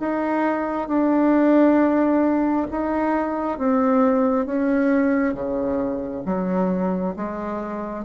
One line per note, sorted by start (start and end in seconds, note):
0.00 0.88 D#4
0.88 2.67 D4
2.71 3.58 D#4
3.58 4.46 C4
4.46 5.34 C#4
5.34 6.23 C#3
6.25 7.15 F#3
7.16 8.05 G#3